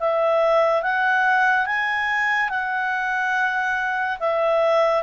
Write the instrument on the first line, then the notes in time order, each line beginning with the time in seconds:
clarinet
0.00 E5
0.83 F#5
1.66 G#5
2.50 F#5
4.20 E5